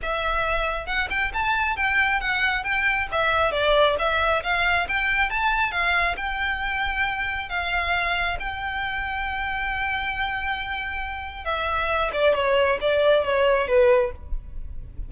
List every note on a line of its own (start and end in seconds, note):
0.02 0.86 E5
0.86 1.08 F#5
1.10 1.32 G5
1.33 1.76 A5
1.76 2.20 G5
2.20 2.63 F#5
2.63 3.07 G5
3.11 3.51 E5
3.51 3.95 D5
3.98 4.43 E5
4.43 4.87 F5
4.88 5.30 G5
5.30 5.71 A5
5.71 6.15 F5
6.16 7.49 G5
7.49 8.37 F5
8.39 11.44 G5
11.44 12.10 E5
12.12 12.34 D5
12.34 12.78 C#5
12.80 13.24 D5
13.24 13.67 C#5
13.67 14.11 B4